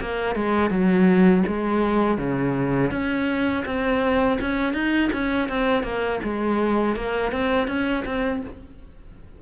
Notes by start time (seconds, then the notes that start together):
0.00 A#3
0.36 G#3
0.70 F#3
1.47 G#3
2.18 C#3
2.91 C#4
3.65 C4
4.40 C#4
4.73 D#4
5.13 C#4
5.48 C4
5.83 A#3
6.23 G#3
6.96 A#3
7.32 C4
7.67 C#4
8.05 C4